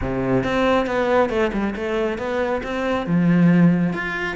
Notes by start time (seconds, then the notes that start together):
0.01 C3
0.43 C4
0.86 B3
1.29 A3
1.52 G3
1.75 A3
2.18 B3
2.63 C4
3.06 F3
3.93 F4